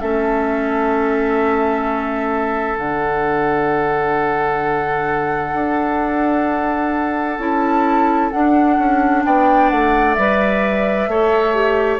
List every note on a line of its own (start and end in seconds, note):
0.00 2.77 A3
0.00 2.77 C#4
0.00 9.23 A4
0.00 2.77 E5
2.77 5.53 D3
2.77 7.38 D4
2.77 7.39 F#5
5.53 7.38 D4
7.38 8.30 C#4
7.38 8.31 E4
7.38 8.31 A5
8.31 10.16 D4
8.31 8.78 D4
8.31 9.23 F#5
8.78 9.24 C#4
9.25 9.71 B3
9.25 11.09 D5
9.25 9.69 G5
9.69 10.17 A3
9.69 10.14 F#5
10.14 11.07 G3
10.14 11.10 B4
10.14 11.98 E5
11.07 11.99 A3
11.07 11.54 A4
11.07 11.99 C#5
11.54 11.99 G4